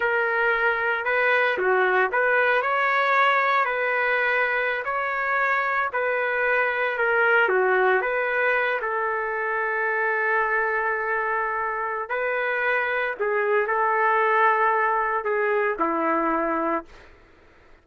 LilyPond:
\new Staff \with { instrumentName = "trumpet" } { \time 4/4 \tempo 4 = 114 ais'2 b'4 fis'4 | b'4 cis''2 b'4~ | b'4~ b'16 cis''2 b'8.~ | b'4~ b'16 ais'4 fis'4 b'8.~ |
b'8. a'2.~ a'16~ | a'2. b'4~ | b'4 gis'4 a'2~ | a'4 gis'4 e'2 | }